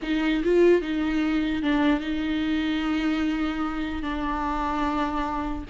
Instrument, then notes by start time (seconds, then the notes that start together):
viola
0.02 D#4
0.43 F4
0.81 D#4
1.62 D4
2.00 D#4
4.02 D4